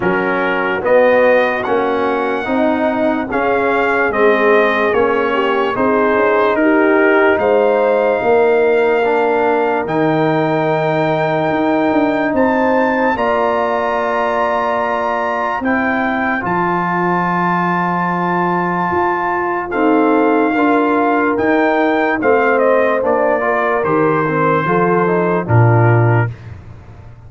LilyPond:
<<
  \new Staff \with { instrumentName = "trumpet" } { \time 4/4 \tempo 4 = 73 ais'4 dis''4 fis''2 | f''4 dis''4 cis''4 c''4 | ais'4 f''2. | g''2. a''4 |
ais''2. g''4 | a''1 | f''2 g''4 f''8 dis''8 | d''4 c''2 ais'4 | }
  \new Staff \with { instrumentName = "horn" } { \time 4/4 fis'2. dis'4 | gis'2~ gis'8 g'8 gis'4 | g'4 c''4 ais'2~ | ais'2. c''4 |
d''2. c''4~ | c''1 | a'4 ais'2 c''4~ | c''8 ais'4. a'4 f'4 | }
  \new Staff \with { instrumentName = "trombone" } { \time 4/4 cis'4 b4 cis'4 dis'4 | cis'4 c'4 cis'4 dis'4~ | dis'2. d'4 | dis'1 |
f'2. e'4 | f'1 | c'4 f'4 dis'4 c'4 | d'8 f'8 g'8 c'8 f'8 dis'8 d'4 | }
  \new Staff \with { instrumentName = "tuba" } { \time 4/4 fis4 b4 ais4 c'4 | cis'4 gis4 ais4 c'8 cis'8 | dis'4 gis4 ais2 | dis2 dis'8 d'8 c'4 |
ais2. c'4 | f2. f'4 | dis'4 d'4 dis'4 a4 | ais4 dis4 f4 ais,4 | }
>>